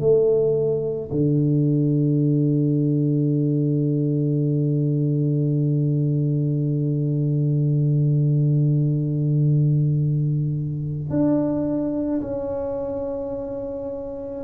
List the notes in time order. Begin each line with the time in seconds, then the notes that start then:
0.00 A3
1.12 D3
11.11 D4
12.22 C#4